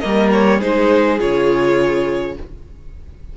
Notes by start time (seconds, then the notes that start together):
0.00 G3 A#3 A#4 D#5
0.32 C#5
0.58 G#3 D#4 G#4 C5
1.19 C#3 F4 C#5